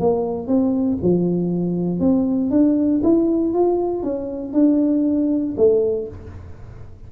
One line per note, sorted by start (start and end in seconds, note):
0.00 0.48 A#3
0.48 0.98 C4
1.03 2.00 F3
2.00 2.51 C4
2.51 3.02 D4
3.04 3.54 E4
3.54 4.03 F4
4.03 4.53 C#4
4.53 5.55 D4
5.57 6.08 A3